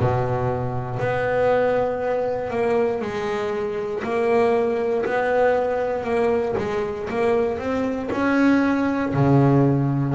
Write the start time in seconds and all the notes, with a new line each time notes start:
0.00 B2
1.00 B3
2.51 A#3
3.02 G#3
4.04 A#3
5.06 B3
6.04 A#3
6.58 G#3
7.10 A#3
7.59 C4
8.12 C#4
9.14 C#3